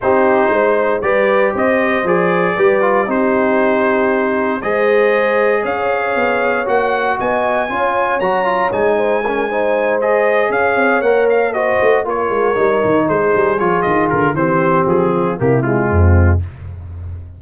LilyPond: <<
  \new Staff \with { instrumentName = "trumpet" } { \time 4/4 \tempo 4 = 117 c''2 d''4 dis''4 | d''2 c''2~ | c''4 dis''2 f''4~ | f''4 fis''4 gis''2 |
ais''4 gis''2~ gis''8 dis''8~ | dis''8 f''4 fis''8 f''8 dis''4 cis''8~ | cis''4. c''4 cis''8 dis''8 ais'8 | c''4 gis'4 g'8 f'4. | }
  \new Staff \with { instrumentName = "horn" } { \time 4/4 g'4 c''4 b'4 c''4~ | c''4 b'4 g'2~ | g'4 c''2 cis''4~ | cis''2 dis''4 cis''4~ |
cis''4. c''8 ais'8 c''4.~ | c''8 cis''2 c''4 ais'8~ | ais'4. gis'2~ gis'8 | g'4. f'8 e'4 c'4 | }
  \new Staff \with { instrumentName = "trombone" } { \time 4/4 dis'2 g'2 | gis'4 g'8 f'8 dis'2~ | dis'4 gis'2.~ | gis'4 fis'2 f'4 |
fis'8 f'8 dis'4 cis'8 dis'4 gis'8~ | gis'4. ais'4 fis'4 f'8~ | f'8 dis'2 f'4. | c'2 ais8 gis4. | }
  \new Staff \with { instrumentName = "tuba" } { \time 4/4 c'4 gis4 g4 c'4 | f4 g4 c'2~ | c'4 gis2 cis'4 | b4 ais4 b4 cis'4 |
fis4 gis2.~ | gis8 cis'8 c'8 ais4. a8 ais8 | gis8 g8 dis8 gis8 g8 f8 dis8 d8 | e4 f4 c4 f,4 | }
>>